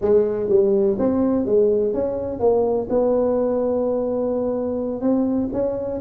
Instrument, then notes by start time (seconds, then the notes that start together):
tuba
0.01 G#3
0.49 G3
0.98 C4
1.45 G#3
1.93 C#4
2.39 A#3
2.89 B3
5.01 C4
5.52 C#4